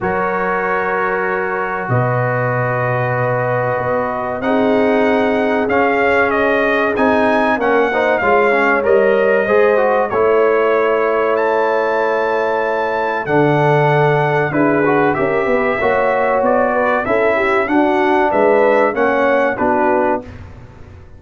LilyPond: <<
  \new Staff \with { instrumentName = "trumpet" } { \time 4/4 \tempo 4 = 95 cis''2. dis''4~ | dis''2. fis''4~ | fis''4 f''4 dis''4 gis''4 | fis''4 f''4 dis''2 |
cis''2 a''2~ | a''4 fis''2 b'4 | e''2 d''4 e''4 | fis''4 e''4 fis''4 b'4 | }
  \new Staff \with { instrumentName = "horn" } { \time 4/4 ais'2. b'4~ | b'2. gis'4~ | gis'1 | ais'8 c''8 cis''2 c''4 |
cis''1~ | cis''4 a'2 gis'4 | ais'8 b'8 cis''4. b'8 a'8 g'8 | fis'4 b'4 cis''4 fis'4 | }
  \new Staff \with { instrumentName = "trombone" } { \time 4/4 fis'1~ | fis'2. dis'4~ | dis'4 cis'2 dis'4 | cis'8 dis'8 f'8 cis'8 ais'4 gis'8 fis'8 |
e'1~ | e'4 d'2 e'8 fis'8 | g'4 fis'2 e'4 | d'2 cis'4 d'4 | }
  \new Staff \with { instrumentName = "tuba" } { \time 4/4 fis2. b,4~ | b,2 b4 c'4~ | c'4 cis'2 c'4 | ais4 gis4 g4 gis4 |
a1~ | a4 d2 d'4 | cis'8 b8 ais4 b4 cis'4 | d'4 gis4 ais4 b4 | }
>>